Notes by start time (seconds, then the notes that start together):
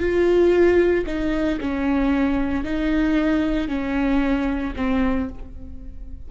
0.00 F4
1.07 D#4
1.61 C#4
2.64 D#4
3.68 C#4
4.76 C4